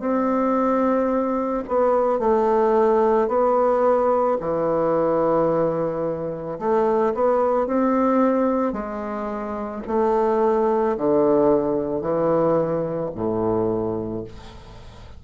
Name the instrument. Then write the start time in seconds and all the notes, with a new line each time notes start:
bassoon
0.00 C4
1.68 B3
2.20 A3
3.28 B3
4.41 E3
6.59 A3
7.15 B3
7.67 C4
8.73 G#3
9.88 A3
10.97 D3
12.01 E3
13.15 A2